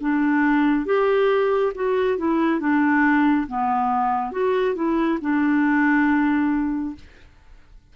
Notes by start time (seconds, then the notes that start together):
0.00 D4
0.86 G4
1.75 F#4
2.18 E4
2.60 D4
3.47 B3
4.32 F#4
4.75 E4
5.21 D4